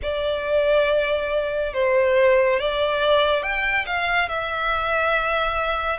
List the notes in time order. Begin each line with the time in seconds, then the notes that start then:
0.02 D5
1.73 C5
2.59 D5
3.42 G5
3.86 F5
4.28 E5